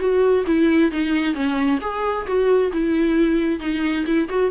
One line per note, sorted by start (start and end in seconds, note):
0.00 0.45 F#4
0.47 0.92 E4
0.92 1.35 D#4
1.35 1.80 C#4
1.81 2.27 G#4
2.27 2.72 F#4
2.73 3.60 E4
3.60 4.06 D#4
4.07 4.29 E4
4.29 4.52 F#4